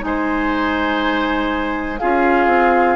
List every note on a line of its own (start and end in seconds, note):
0.00 2.01 G#3
0.00 1.97 D#4
0.00 1.99 G#5
0.07 2.00 C5
1.99 2.47 C#4
1.99 2.96 F4
1.99 2.96 G#4
1.99 2.96 F5
2.47 2.96 C4